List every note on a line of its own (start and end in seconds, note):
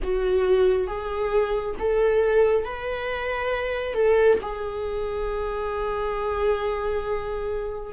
0.02 0.87 F#4
0.87 1.75 G#4
1.79 2.65 A4
2.65 3.94 B4
3.94 4.38 A4
4.42 7.93 G#4